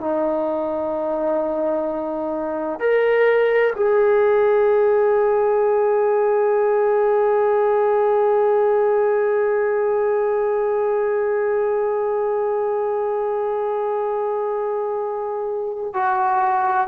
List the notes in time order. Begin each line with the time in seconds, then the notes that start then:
0.00 D#4
2.79 A#4
3.75 G#4
15.93 F#4